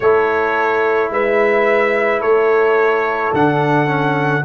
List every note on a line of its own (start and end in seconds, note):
0.00 1.10 A3
0.00 3.34 E4
0.00 1.12 A4
0.00 1.11 C#5
1.10 2.20 G#3
1.10 2.21 B4
1.10 2.21 E5
2.20 3.31 A3
2.20 4.43 A4
2.20 3.32 C#5
3.33 4.44 D3
3.33 3.86 D4
3.33 4.45 F#5
3.86 4.42 C#4